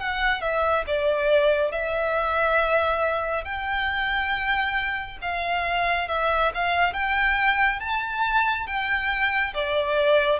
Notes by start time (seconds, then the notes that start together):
0.00 F#5
0.42 E5
0.87 D5
1.72 E5
3.44 G5
5.22 F5
6.09 E5
6.55 F5
6.94 G5
7.80 A5
8.67 G5
9.54 D5